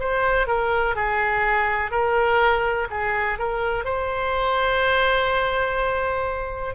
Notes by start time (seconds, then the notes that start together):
0.00 C5
0.48 A#4
0.96 G#4
1.91 A#4
2.90 G#4
3.39 A#4
3.85 C5